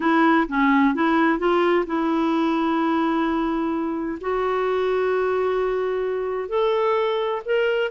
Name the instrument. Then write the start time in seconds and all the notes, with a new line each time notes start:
clarinet
0.00 E4
0.48 C#4
0.94 E4
1.38 F4
1.86 E4
4.20 F#4
6.49 A4
7.45 A#4